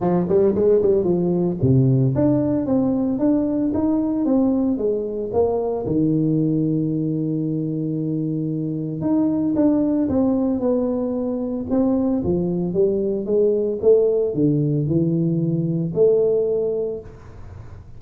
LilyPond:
\new Staff \with { instrumentName = "tuba" } { \time 4/4 \tempo 4 = 113 f8 g8 gis8 g8 f4 c4 | d'4 c'4 d'4 dis'4 | c'4 gis4 ais4 dis4~ | dis1~ |
dis4 dis'4 d'4 c'4 | b2 c'4 f4 | g4 gis4 a4 d4 | e2 a2 | }